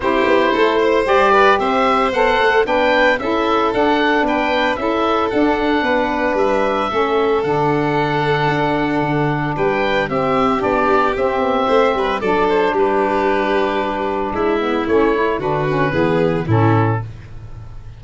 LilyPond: <<
  \new Staff \with { instrumentName = "oboe" } { \time 4/4 \tempo 4 = 113 c''2 d''4 e''4 | fis''4 g''4 e''4 fis''4 | g''4 e''4 fis''2 | e''2 fis''2~ |
fis''2 g''4 e''4 | d''4 e''2 d''8 c''8 | b'2. e''4 | cis''4 b'2 a'4 | }
  \new Staff \with { instrumentName = "violin" } { \time 4/4 g'4 a'8 c''4 b'8 c''4~ | c''4 b'4 a'2 | b'4 a'2 b'4~ | b'4 a'2.~ |
a'2 b'4 g'4~ | g'2 c''8 b'8 a'4 | g'2. e'4~ | e'4 fis'4 gis'4 e'4 | }
  \new Staff \with { instrumentName = "saxophone" } { \time 4/4 e'2 g'2 | a'4 d'4 e'4 d'4~ | d'4 e'4 d'2~ | d'4 cis'4 d'2~ |
d'2. c'4 | d'4 c'2 d'4~ | d'2.~ d'8 b8 | cis'8 e'8 d'8 cis'8 b4 cis'4 | }
  \new Staff \with { instrumentName = "tuba" } { \time 4/4 c'8 b8 a4 g4 c'4 | b8 a8 b4 cis'4 d'4 | b4 cis'4 d'4 b4 | g4 a4 d2 |
d'4 d4 g4 c'4 | b4 c'8 b8 a8 g8 fis4 | g2. gis4 | a4 d4 e4 a,4 | }
>>